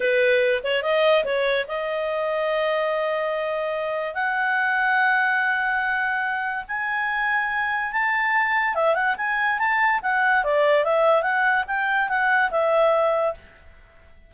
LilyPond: \new Staff \with { instrumentName = "clarinet" } { \time 4/4 \tempo 4 = 144 b'4. cis''8 dis''4 cis''4 | dis''1~ | dis''2 fis''2~ | fis''1 |
gis''2. a''4~ | a''4 e''8 fis''8 gis''4 a''4 | fis''4 d''4 e''4 fis''4 | g''4 fis''4 e''2 | }